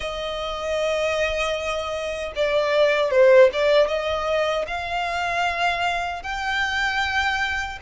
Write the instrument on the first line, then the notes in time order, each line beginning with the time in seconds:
violin
0.00 D#5
2.35 D5
3.11 C5
3.52 D5
3.87 D#5
4.67 F5
6.23 G5